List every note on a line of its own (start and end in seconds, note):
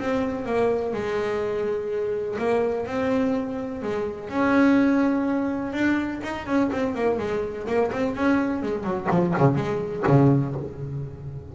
0.00 0.46 C4
0.46 0.93 A#3
0.93 2.37 G#3
2.39 2.87 A#3
2.87 3.83 C4
3.83 4.30 G#3
4.30 5.73 C#4
5.73 6.21 D4
6.24 6.47 D#4
6.47 6.71 C#4
6.72 6.95 C4
6.95 7.18 A#3
7.18 7.66 G#3
7.67 7.91 A#3
7.92 8.15 C4
8.15 8.62 C#4
8.62 8.84 G#3
8.84 9.08 F#3
9.11 9.35 F3
9.38 9.56 C#3
9.56 10.04 G#3
10.08 10.56 C#3